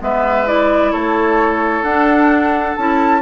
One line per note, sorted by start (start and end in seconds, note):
0.00 0.93 G#3
0.00 0.46 B3
0.00 0.92 B4
0.00 0.47 E5
0.46 1.84 E4
0.46 0.91 D5
0.91 1.82 A3
0.91 3.21 A4
0.91 1.83 C#5
1.82 2.74 D4
1.82 2.78 D4
1.82 2.75 F#5
2.76 3.21 C#4
2.76 3.21 E4
2.76 3.21 A5